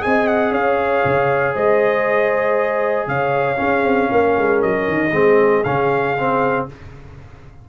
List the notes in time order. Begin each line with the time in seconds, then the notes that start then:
0.00 C4 G#4 D#5 G#5
0.27 F#5
0.52 C#4 C#5 F5
1.05 C#3
1.54 G#3 C5 D#5
3.08 C#3 C#5 F5
3.57 C#4 G#4
3.84 C4
4.12 A#3 A#4
4.38 G#3
4.62 F#3 D#5
4.88 D#3
5.12 G#3 C4 G#4
5.64 C#3 C#4 F5
6.18 C4